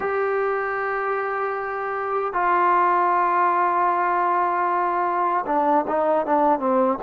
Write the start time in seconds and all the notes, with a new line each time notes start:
0.00 G4
2.33 F4
5.46 D4
5.87 D#4
6.26 D4
6.58 C4